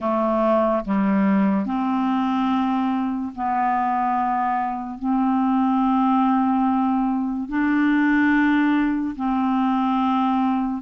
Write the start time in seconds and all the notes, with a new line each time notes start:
0.00 A3
0.84 G3
1.65 C4
3.35 B3
4.98 C4
7.48 D4
9.16 C4